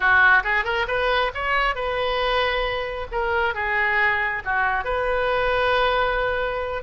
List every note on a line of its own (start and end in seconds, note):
0.00 0.43 F#4
0.43 0.64 G#4
0.64 0.86 A#4
0.87 1.31 B4
1.34 1.75 C#5
1.75 3.07 B4
3.11 3.54 A#4
3.54 4.42 G#4
4.44 4.84 F#4
4.84 6.83 B4